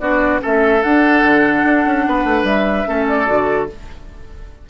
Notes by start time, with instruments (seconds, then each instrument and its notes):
0.00 bassoon B3, clarinet D4, oboe F#4, flute D5
0.40 bassoon A3, clarinet C#4, oboe A4, flute E5
0.83 bassoon D4, clarinet D4, flute F#5
1.23 bassoon D3
1.64 bassoon D4
1.86 bassoon C#4
2.08 bassoon B3, oboe B4
2.25 bassoon A3
2.44 bassoon G3, flute E5
2.87 bassoon A3, clarinet C#4, oboe A4
3.08 flute D5
3.26 bassoon D3, clarinet F#4